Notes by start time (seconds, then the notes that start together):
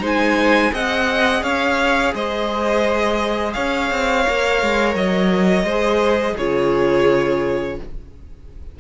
0.00 G#3 D#4 C5
0.07 G#5
0.72 C4 G#4 D#5 F#5
1.43 C#4 C#5 F5
2.14 G#3 C5 D#5
3.53 C#4 C#5 F5
3.91 C4
4.26 A#3 A#4
4.62 G#3
4.95 F#3 D#5
5.64 G#3 C5
5.71 G#4
6.35 C#3 F4 G#4 C#5